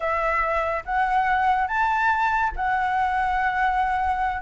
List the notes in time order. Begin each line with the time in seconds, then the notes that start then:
0.00 E5
0.85 F#5
1.67 A5
2.56 F#5